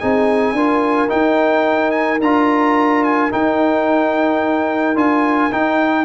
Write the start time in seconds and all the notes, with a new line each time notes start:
0.00 C4 D#4 G#4 G#5
0.54 D4 F4 A#4
1.09 D#4 G5
1.91 G#5
2.21 D4 F4 A#5
3.04 G#5
3.31 D#4 G5
4.96 D4 F4 G#5
5.52 D#4 G5